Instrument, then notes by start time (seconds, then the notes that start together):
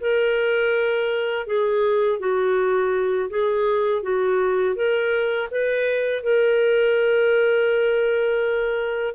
clarinet
0.00 A#4
1.47 G#4
2.20 F#4
3.30 G#4
4.02 F#4
4.76 A#4
5.51 B4
6.23 A#4